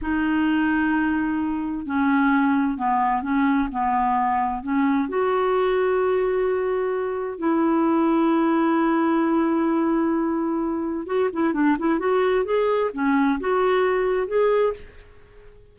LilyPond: \new Staff \with { instrumentName = "clarinet" } { \time 4/4 \tempo 4 = 130 dis'1 | cis'2 b4 cis'4 | b2 cis'4 fis'4~ | fis'1 |
e'1~ | e'1 | fis'8 e'8 d'8 e'8 fis'4 gis'4 | cis'4 fis'2 gis'4 | }